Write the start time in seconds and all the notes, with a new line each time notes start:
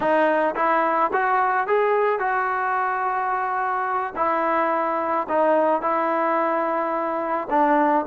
0.00 D#4
0.55 E4
1.12 F#4
1.67 G#4
2.19 F#4
4.16 E4
5.29 D#4
5.81 E4
7.50 D4